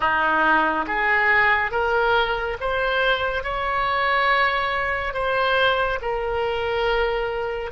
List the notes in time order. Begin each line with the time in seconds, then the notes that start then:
0.00 D#4
0.87 G#4
1.71 A#4
2.60 C5
3.43 C#5
5.13 C5
6.01 A#4